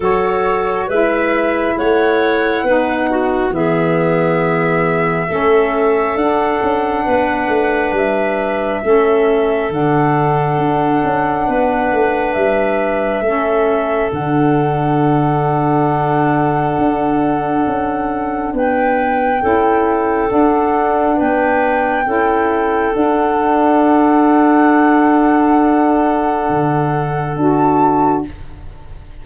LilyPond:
<<
  \new Staff \with { instrumentName = "flute" } { \time 4/4 \tempo 4 = 68 cis''4 e''4 fis''2 | e''2. fis''4~ | fis''4 e''2 fis''4~ | fis''2 e''2 |
fis''1~ | fis''4 g''2 fis''4 | g''2 fis''2~ | fis''2. a''4 | }
  \new Staff \with { instrumentName = "clarinet" } { \time 4/4 a'4 b'4 cis''4 b'8 fis'8 | gis'2 a'2 | b'2 a'2~ | a'4 b'2 a'4~ |
a'1~ | a'4 b'4 a'2 | b'4 a'2.~ | a'1 | }
  \new Staff \with { instrumentName = "saxophone" } { \time 4/4 fis'4 e'2 dis'4 | b2 cis'4 d'4~ | d'2 cis'4 d'4~ | d'2. cis'4 |
d'1~ | d'2 e'4 d'4~ | d'4 e'4 d'2~ | d'2. fis'4 | }
  \new Staff \with { instrumentName = "tuba" } { \time 4/4 fis4 gis4 a4 b4 | e2 a4 d'8 cis'8 | b8 a8 g4 a4 d4 | d'8 cis'8 b8 a8 g4 a4 |
d2. d'4 | cis'4 b4 cis'4 d'4 | b4 cis'4 d'2~ | d'2 d4 d'4 | }
>>